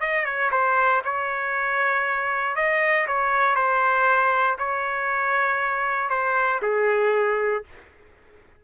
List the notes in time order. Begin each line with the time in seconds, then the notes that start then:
0.00 D#5
0.24 C#5
0.51 C5
1.04 C#5
2.55 D#5
3.07 C#5
3.55 C5
4.58 C#5
6.09 C5
6.62 G#4